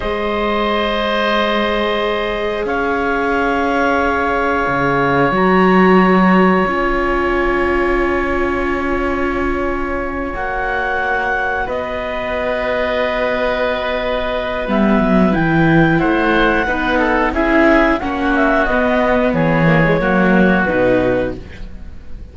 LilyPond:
<<
  \new Staff \with { instrumentName = "clarinet" } { \time 4/4 \tempo 4 = 90 dis''1 | f''1 | ais''2 gis''2~ | gis''2.~ gis''8 fis''8~ |
fis''4. dis''2~ dis''8~ | dis''2 e''4 g''4 | fis''2 e''4 fis''8 e''8 | dis''4 cis''2 b'4 | }
  \new Staff \with { instrumentName = "oboe" } { \time 4/4 c''1 | cis''1~ | cis''1~ | cis''1~ |
cis''4. b'2~ b'8~ | b'1 | c''4 b'8 a'8 gis'4 fis'4~ | fis'4 gis'4 fis'2 | }
  \new Staff \with { instrumentName = "viola" } { \time 4/4 gis'1~ | gis'1 | fis'2 f'2~ | f'2.~ f'8 fis'8~ |
fis'1~ | fis'2 b4 e'4~ | e'4 dis'4 e'4 cis'4 | b4. ais16 gis16 ais4 dis'4 | }
  \new Staff \with { instrumentName = "cello" } { \time 4/4 gis1 | cis'2. cis4 | fis2 cis'2~ | cis'2.~ cis'8 ais8~ |
ais4. b2~ b8~ | b2 g8 fis8 e4 | a4 b4 cis'4 ais4 | b4 e4 fis4 b,4 | }
>>